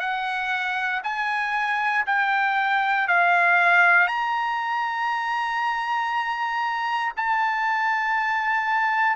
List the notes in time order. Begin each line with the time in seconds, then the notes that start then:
0.00 F#5
1.04 G#5
2.06 G5
3.08 F5
4.08 A#5
7.16 A5